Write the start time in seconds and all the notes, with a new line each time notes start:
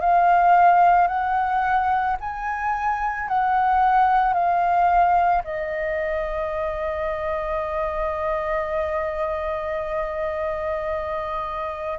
0.00 F5
1.07 F#5
2.20 G#5
3.28 F#5
4.33 F5
5.43 D#5